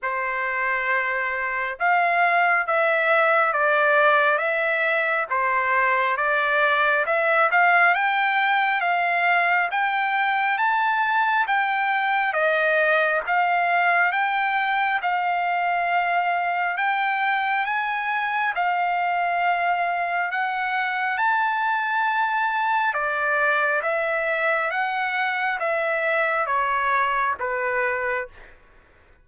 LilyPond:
\new Staff \with { instrumentName = "trumpet" } { \time 4/4 \tempo 4 = 68 c''2 f''4 e''4 | d''4 e''4 c''4 d''4 | e''8 f''8 g''4 f''4 g''4 | a''4 g''4 dis''4 f''4 |
g''4 f''2 g''4 | gis''4 f''2 fis''4 | a''2 d''4 e''4 | fis''4 e''4 cis''4 b'4 | }